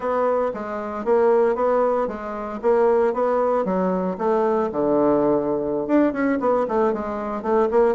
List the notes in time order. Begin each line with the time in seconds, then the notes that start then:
0.00 B3
0.54 G#3
1.04 A#3
1.55 B3
2.07 G#3
2.61 A#3
3.13 B3
3.64 F#3
4.17 A3
4.71 D3
5.87 D4
6.12 C#4
6.40 B3
6.68 A3
6.93 G#3
7.42 A3
7.71 A#3